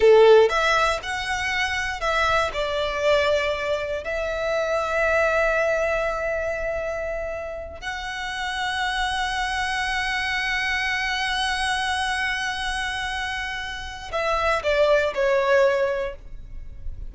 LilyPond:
\new Staff \with { instrumentName = "violin" } { \time 4/4 \tempo 4 = 119 a'4 e''4 fis''2 | e''4 d''2. | e''1~ | e''2.~ e''8 fis''8~ |
fis''1~ | fis''1~ | fis''1 | e''4 d''4 cis''2 | }